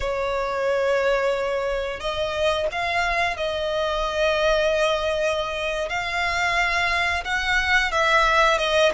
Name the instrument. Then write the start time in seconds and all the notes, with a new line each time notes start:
violin
0.00 C#5
1.99 D#5
2.71 F5
3.36 D#5
5.89 F5
7.24 F#5
7.91 E5
8.58 D#5